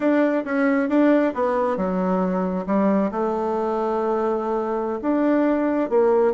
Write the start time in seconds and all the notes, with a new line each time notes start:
0.00 D4
0.44 C#4
0.89 D4
1.34 B3
1.76 F#3
2.66 G3
3.11 A3
5.01 D4
5.89 A#3